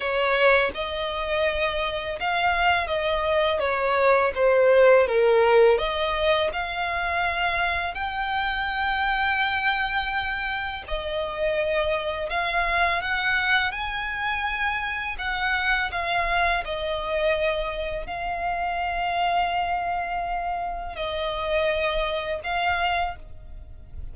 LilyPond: \new Staff \with { instrumentName = "violin" } { \time 4/4 \tempo 4 = 83 cis''4 dis''2 f''4 | dis''4 cis''4 c''4 ais'4 | dis''4 f''2 g''4~ | g''2. dis''4~ |
dis''4 f''4 fis''4 gis''4~ | gis''4 fis''4 f''4 dis''4~ | dis''4 f''2.~ | f''4 dis''2 f''4 | }